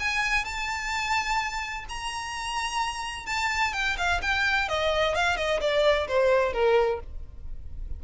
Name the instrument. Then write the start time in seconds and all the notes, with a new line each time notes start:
violin
0.00 G#5
0.45 A5
1.89 A#5
3.26 A5
3.73 G5
3.98 F5
4.22 G5
4.69 D#5
5.15 F5
5.37 D#5
5.61 D5
6.08 C5
6.53 A#4